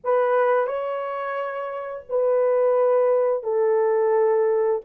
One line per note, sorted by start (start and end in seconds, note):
0.04 0.66 B4
0.66 2.04 C#5
2.09 3.43 B4
3.43 4.81 A4